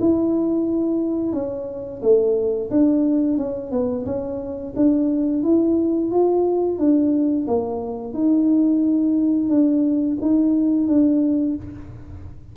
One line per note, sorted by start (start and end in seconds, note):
0.00 1.33 E4
1.33 2.01 C#4
2.02 2.70 A3
2.70 3.38 D4
3.38 3.71 C#4
3.71 4.05 B3
4.06 4.74 C#4
4.76 5.43 D4
5.43 6.11 E4
6.11 6.78 F4
6.78 7.47 D4
7.47 8.14 A#3
8.14 9.50 D#4
9.50 10.18 D4
10.21 10.88 D#4
10.88 11.56 D4